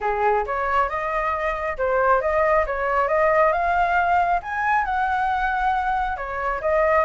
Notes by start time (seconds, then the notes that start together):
0.01 G#4
0.46 C#5
0.89 D#5
1.77 C5
2.21 D#5
2.66 C#5
3.08 D#5
3.52 F5
4.42 G#5
4.84 F#5
6.16 C#5
6.61 D#5